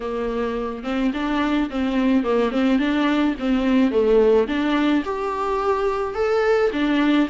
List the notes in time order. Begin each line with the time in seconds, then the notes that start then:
0.00 A#3
0.83 C4
1.13 D4
1.69 C4
2.23 A#3
2.51 C4
2.78 D4
3.39 C4
3.91 A3
4.47 D4
5.04 G4
6.14 A4
6.72 D4